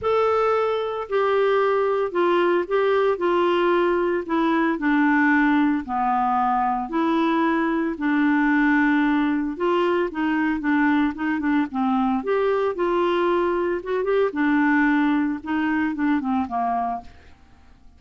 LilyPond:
\new Staff \with { instrumentName = "clarinet" } { \time 4/4 \tempo 4 = 113 a'2 g'2 | f'4 g'4 f'2 | e'4 d'2 b4~ | b4 e'2 d'4~ |
d'2 f'4 dis'4 | d'4 dis'8 d'8 c'4 g'4 | f'2 fis'8 g'8 d'4~ | d'4 dis'4 d'8 c'8 ais4 | }